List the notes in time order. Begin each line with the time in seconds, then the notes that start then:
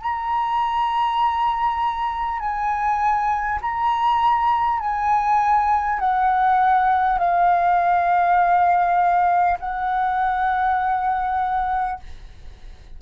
0.00 A#5
2.39 G#5
3.61 A#5
4.79 G#5
5.99 F#5
7.18 F5
9.59 F#5